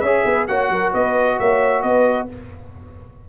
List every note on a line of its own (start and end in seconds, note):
0.00 0.24 C#4
0.00 0.49 G#4
0.00 0.25 C#5
0.00 0.45 E5
0.25 0.47 B3
0.25 0.48 B4
0.47 0.70 A#3
0.47 2.29 F#4
0.47 0.71 C#5
0.47 0.92 F#5
0.70 0.92 F#3
0.70 0.94 A#4
0.94 1.39 B3
0.94 1.39 B4
0.94 1.39 D#5
1.39 1.83 A#3
1.39 1.84 C#5
1.39 1.82 E5
1.82 2.28 B3
1.82 2.29 B4
1.82 2.27 D#5